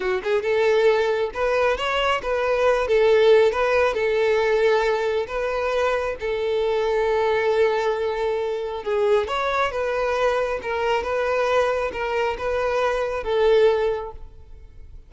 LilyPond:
\new Staff \with { instrumentName = "violin" } { \time 4/4 \tempo 4 = 136 fis'8 gis'8 a'2 b'4 | cis''4 b'4. a'4. | b'4 a'2. | b'2 a'2~ |
a'1 | gis'4 cis''4 b'2 | ais'4 b'2 ais'4 | b'2 a'2 | }